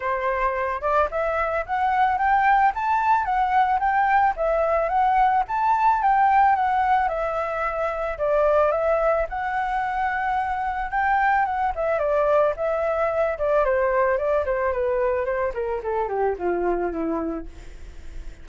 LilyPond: \new Staff \with { instrumentName = "flute" } { \time 4/4 \tempo 4 = 110 c''4. d''8 e''4 fis''4 | g''4 a''4 fis''4 g''4 | e''4 fis''4 a''4 g''4 | fis''4 e''2 d''4 |
e''4 fis''2. | g''4 fis''8 e''8 d''4 e''4~ | e''8 d''8 c''4 d''8 c''8 b'4 | c''8 ais'8 a'8 g'8 f'4 e'4 | }